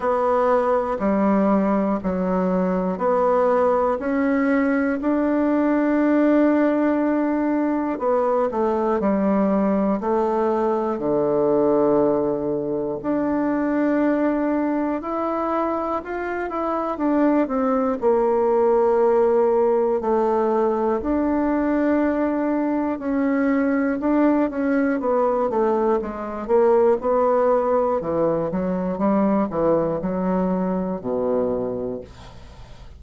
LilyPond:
\new Staff \with { instrumentName = "bassoon" } { \time 4/4 \tempo 4 = 60 b4 g4 fis4 b4 | cis'4 d'2. | b8 a8 g4 a4 d4~ | d4 d'2 e'4 |
f'8 e'8 d'8 c'8 ais2 | a4 d'2 cis'4 | d'8 cis'8 b8 a8 gis8 ais8 b4 | e8 fis8 g8 e8 fis4 b,4 | }